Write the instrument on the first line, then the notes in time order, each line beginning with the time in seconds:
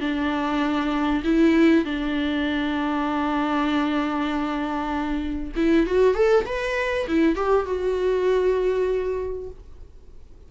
viola
0.00 D4
1.24 E4
1.84 D4
5.55 E4
5.86 F#4
6.14 A4
6.45 B4
7.07 E4
7.35 G4
7.65 F#4